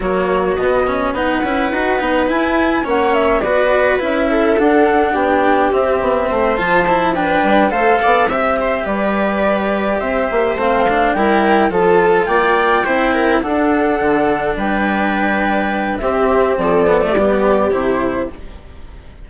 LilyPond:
<<
  \new Staff \with { instrumentName = "flute" } { \time 4/4 \tempo 4 = 105 cis''4 dis''4 fis''2 | gis''4 fis''8 e''8 d''4 e''4 | fis''4 g''4 e''4. a''8~ | a''8 g''4 f''4 e''4 d''8~ |
d''4. e''4 f''4 g''8~ | g''8 a''4 g''2 fis''8~ | fis''4. g''2~ g''8 | e''4 d''2 c''4 | }
  \new Staff \with { instrumentName = "viola" } { \time 4/4 fis'2 b'2~ | b'4 cis''4 b'4. a'8~ | a'4 g'2 c''4~ | c''8 b'4 c''8 d''8 e''8 c''8 b'8~ |
b'4. c''2 ais'8~ | ais'8 a'4 d''4 c''8 ais'8 a'8~ | a'4. b'2~ b'8 | g'4 a'4 g'2 | }
  \new Staff \with { instrumentName = "cello" } { \time 4/4 ais4 b8 cis'8 dis'8 e'8 fis'8 dis'8 | e'4 cis'4 fis'4 e'4 | d'2 c'4. f'8 | e'8 d'4 a'4 g'4.~ |
g'2~ g'8 c'8 d'8 e'8~ | e'8 f'2 e'4 d'8~ | d'1 | c'4. b16 a16 b4 e'4 | }
  \new Staff \with { instrumentName = "bassoon" } { \time 4/4 fis4 b,4 b8 cis'8 dis'8 b8 | e'4 ais4 b4 cis'4 | d'4 b4 c'8 b8 a8 f8~ | f4 g8 a8 b8 c'4 g8~ |
g4. c'8 ais8 a4 g8~ | g8 f4 ais4 c'4 d'8~ | d'8 d4 g2~ g8 | c'4 f4 g4 c4 | }
>>